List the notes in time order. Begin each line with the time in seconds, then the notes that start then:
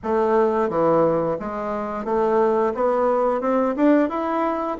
0.03 A3
0.68 E3
1.39 G#3
2.05 A3
2.74 B3
3.41 C4
3.76 D4
4.09 E4